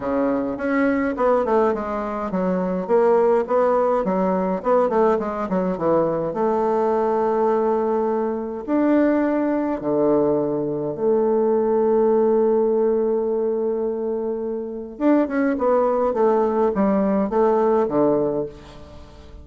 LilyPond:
\new Staff \with { instrumentName = "bassoon" } { \time 4/4 \tempo 4 = 104 cis4 cis'4 b8 a8 gis4 | fis4 ais4 b4 fis4 | b8 a8 gis8 fis8 e4 a4~ | a2. d'4~ |
d'4 d2 a4~ | a1~ | a2 d'8 cis'8 b4 | a4 g4 a4 d4 | }